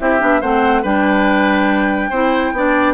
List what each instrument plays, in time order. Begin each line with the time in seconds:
0.00 bassoon C4, clarinet E4, oboe G4, flute E5
0.20 bassoon B3, clarinet D4
0.41 bassoon A3, clarinet C4, oboe C5, flute F#5
0.83 bassoon G3, clarinet D4, oboe B4, flute G5
2.10 bassoon C4, clarinet E4, oboe C5
2.53 bassoon B3, clarinet D4, oboe D5